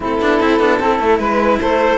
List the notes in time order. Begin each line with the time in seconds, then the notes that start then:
0.00 A3 C4 E4 A4
0.19 B3 D4
0.39 C4 E4
0.59 B3 D4
0.79 C4 E4 A4
0.99 A3
1.18 G#3 B4
1.60 A3 A4 C5